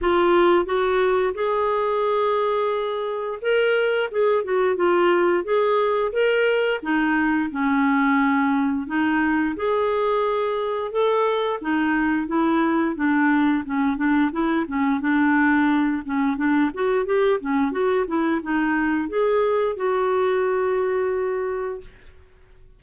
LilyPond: \new Staff \with { instrumentName = "clarinet" } { \time 4/4 \tempo 4 = 88 f'4 fis'4 gis'2~ | gis'4 ais'4 gis'8 fis'8 f'4 | gis'4 ais'4 dis'4 cis'4~ | cis'4 dis'4 gis'2 |
a'4 dis'4 e'4 d'4 | cis'8 d'8 e'8 cis'8 d'4. cis'8 | d'8 fis'8 g'8 cis'8 fis'8 e'8 dis'4 | gis'4 fis'2. | }